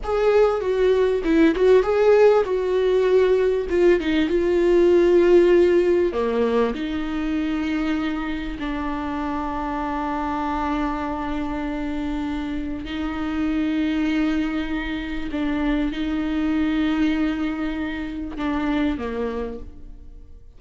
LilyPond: \new Staff \with { instrumentName = "viola" } { \time 4/4 \tempo 4 = 98 gis'4 fis'4 e'8 fis'8 gis'4 | fis'2 f'8 dis'8 f'4~ | f'2 ais4 dis'4~ | dis'2 d'2~ |
d'1~ | d'4 dis'2.~ | dis'4 d'4 dis'2~ | dis'2 d'4 ais4 | }